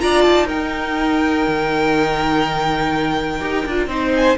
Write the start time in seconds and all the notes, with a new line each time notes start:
0.00 D4 F4 D5 A#5
0.22 D#4 A5
0.46 D#4 A#4 G5
1.48 D#3
3.40 D#4 G4
3.66 D4 F4
3.87 C4 D#4 C5
4.16 G#5